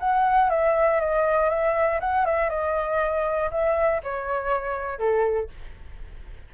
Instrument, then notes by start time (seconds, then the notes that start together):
flute
0.00 F#5
0.50 E5
1.00 D#5
1.50 E5
2.00 F#5
2.25 E5
2.49 D#5
3.51 E5
4.04 C#5
4.99 A4